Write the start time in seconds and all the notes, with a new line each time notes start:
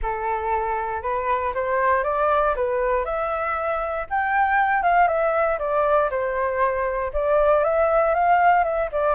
0.02 A4
1.02 B4
1.54 C5
2.03 D5
2.55 B4
3.05 E5
4.10 G5
4.83 F5
5.07 E5
5.58 D5
6.10 C5
7.13 D5
7.64 E5
8.14 F5
8.64 E5
8.92 D5